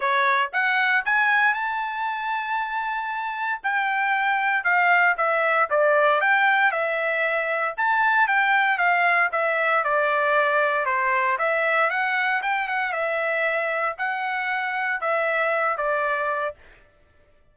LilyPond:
\new Staff \with { instrumentName = "trumpet" } { \time 4/4 \tempo 4 = 116 cis''4 fis''4 gis''4 a''4~ | a''2. g''4~ | g''4 f''4 e''4 d''4 | g''4 e''2 a''4 |
g''4 f''4 e''4 d''4~ | d''4 c''4 e''4 fis''4 | g''8 fis''8 e''2 fis''4~ | fis''4 e''4. d''4. | }